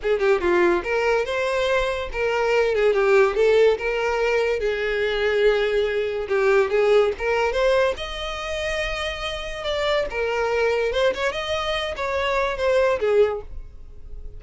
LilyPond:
\new Staff \with { instrumentName = "violin" } { \time 4/4 \tempo 4 = 143 gis'8 g'8 f'4 ais'4 c''4~ | c''4 ais'4. gis'8 g'4 | a'4 ais'2 gis'4~ | gis'2. g'4 |
gis'4 ais'4 c''4 dis''4~ | dis''2. d''4 | ais'2 c''8 cis''8 dis''4~ | dis''8 cis''4. c''4 gis'4 | }